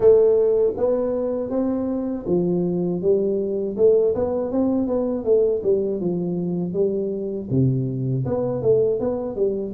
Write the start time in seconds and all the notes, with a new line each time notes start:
0.00 A3
0.76 B3
1.50 C4
2.26 F3
3.01 G3
3.77 A3
4.14 B3
4.51 C4
4.87 B3
5.24 A3
5.62 G3
6.00 F3
6.73 G3
7.50 C3
8.25 B3
8.62 A3
8.99 B3
9.35 G3